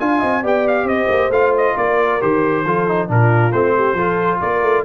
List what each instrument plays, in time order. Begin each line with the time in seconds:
0.00 tuba D4, trombone F4, horn F5, trumpet G#5
0.19 tuba C4, horn D#5
0.42 tuba B3, trombone G4, horn D5, trumpet G5
0.68 trumpet F5
0.84 tuba C4, horn C5, trumpet D#5
1.09 tuba A#3
1.30 tuba A3, trombone F4, trumpet F5
1.57 trumpet D#5
1.77 tuba A#3, horn A#4, trumpet D5
2.20 tuba D#3, trombone G4, trumpet C5
2.65 tuba F3, trombone F4, horn A4
2.88 trombone D#4
3.08 tuba A#2, trombone D4, horn F4, trumpet A#4
3.52 tuba A3, trombone C4, trumpet C5
3.75 horn G4
3.94 tuba F3, trombone F4, horn A4
4.41 tuba A#3, horn A#4, trumpet D5
4.63 tuba A3